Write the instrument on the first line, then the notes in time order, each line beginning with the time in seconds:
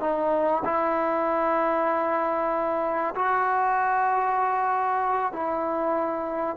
trombone
0.00 D#4
0.64 E4
3.14 F#4
5.33 E4